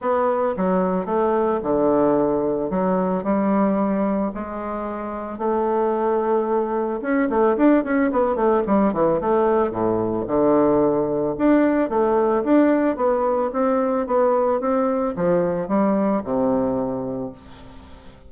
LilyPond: \new Staff \with { instrumentName = "bassoon" } { \time 4/4 \tempo 4 = 111 b4 fis4 a4 d4~ | d4 fis4 g2 | gis2 a2~ | a4 cis'8 a8 d'8 cis'8 b8 a8 |
g8 e8 a4 a,4 d4~ | d4 d'4 a4 d'4 | b4 c'4 b4 c'4 | f4 g4 c2 | }